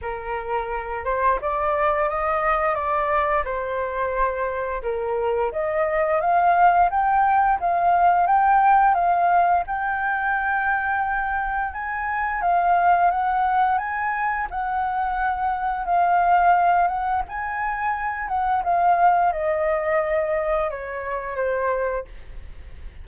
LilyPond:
\new Staff \with { instrumentName = "flute" } { \time 4/4 \tempo 4 = 87 ais'4. c''8 d''4 dis''4 | d''4 c''2 ais'4 | dis''4 f''4 g''4 f''4 | g''4 f''4 g''2~ |
g''4 gis''4 f''4 fis''4 | gis''4 fis''2 f''4~ | f''8 fis''8 gis''4. fis''8 f''4 | dis''2 cis''4 c''4 | }